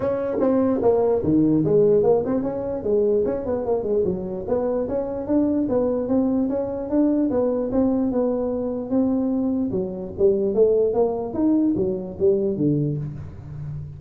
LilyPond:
\new Staff \with { instrumentName = "tuba" } { \time 4/4 \tempo 4 = 148 cis'4 c'4 ais4 dis4 | gis4 ais8 c'8 cis'4 gis4 | cis'8 b8 ais8 gis8 fis4 b4 | cis'4 d'4 b4 c'4 |
cis'4 d'4 b4 c'4 | b2 c'2 | fis4 g4 a4 ais4 | dis'4 fis4 g4 d4 | }